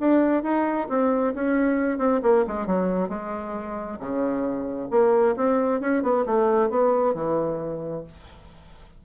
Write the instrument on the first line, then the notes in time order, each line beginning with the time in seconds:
bassoon
0.00 D4
0.43 D#4
0.89 C4
1.35 C#4
1.98 C4
2.23 A#3
2.48 G#3
2.67 F#3
3.09 G#3
4.00 C#3
4.91 A#3
5.36 C4
5.81 C#4
6.03 B3
6.26 A3
6.70 B3
7.15 E3